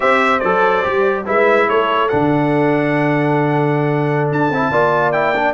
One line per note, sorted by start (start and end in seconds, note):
0.00 0.43 C4
0.00 0.40 G4
0.00 1.25 C5
0.00 0.39 E5
0.39 0.85 F#3
0.39 0.83 A4
0.39 1.23 D5
0.83 1.27 G3
0.83 1.25 G4
1.26 1.68 G#3
1.26 2.10 E4
1.26 1.68 B4
1.26 1.69 E5
1.68 2.10 A3
1.68 4.70 A4
1.68 2.09 C#5
2.09 4.32 D3
2.09 4.52 D4
2.09 4.29 F#5
4.31 4.50 D4
4.31 5.12 A5
4.50 4.71 C4
4.50 4.72 E4
4.70 5.54 A#3
4.70 5.13 F4
4.70 5.54 D5
5.12 5.34 E4
5.12 5.54 G5
5.35 5.54 D4